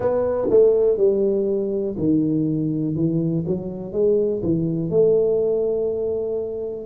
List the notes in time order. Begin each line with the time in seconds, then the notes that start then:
0.00 B3
0.50 A3
0.97 G3
1.98 D#3
2.95 E3
3.46 F#3
3.92 G#3
4.42 E3
4.90 A3